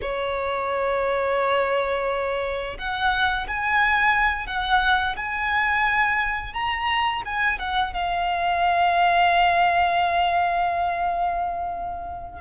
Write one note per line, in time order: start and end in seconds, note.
0.01 2.77 C#5
2.77 3.47 F#5
3.47 4.46 G#5
4.46 5.15 F#5
5.16 6.53 G#5
6.53 7.22 A#5
7.25 7.59 G#5
7.59 7.93 F#5
7.93 12.41 F5